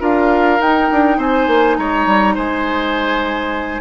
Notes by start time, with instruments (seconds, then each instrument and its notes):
0.00 bassoon D4, clarinet F4, oboe A#4, flute F5
0.60 bassoon D#4, clarinet D#4, flute G5
0.92 bassoon D4
1.18 bassoon C4, oboe C5, flute G#5
1.47 bassoon A#3
1.77 bassoon G#3, oboe C#5, flute A#5
2.07 bassoon G3
2.35 bassoon G#3, oboe C5, flute G#5